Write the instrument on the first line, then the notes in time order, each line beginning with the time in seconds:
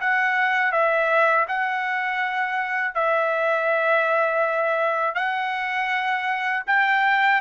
trumpet
0.00 F#5
0.71 E5
1.47 F#5
2.94 E5
5.14 F#5
6.67 G5